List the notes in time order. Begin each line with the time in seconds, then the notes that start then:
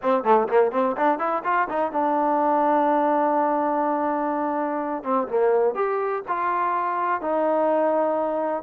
0.02 C4
0.23 A3
0.48 A#3
0.71 C4
0.96 D4
1.18 E4
1.44 F4
1.69 D#4
1.92 D4
5.03 C4
5.28 A#3
5.74 G4
6.27 F4
7.21 D#4